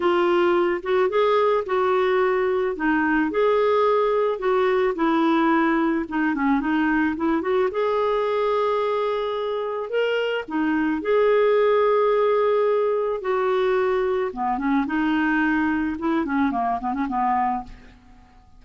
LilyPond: \new Staff \with { instrumentName = "clarinet" } { \time 4/4 \tempo 4 = 109 f'4. fis'8 gis'4 fis'4~ | fis'4 dis'4 gis'2 | fis'4 e'2 dis'8 cis'8 | dis'4 e'8 fis'8 gis'2~ |
gis'2 ais'4 dis'4 | gis'1 | fis'2 b8 cis'8 dis'4~ | dis'4 e'8 cis'8 ais8 b16 cis'16 b4 | }